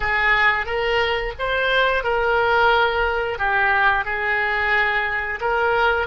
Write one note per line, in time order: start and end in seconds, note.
0.00 0.66 G#4
0.66 1.33 A#4
1.38 2.03 C5
2.03 3.38 A#4
3.38 4.04 G4
4.04 5.39 G#4
5.40 6.07 A#4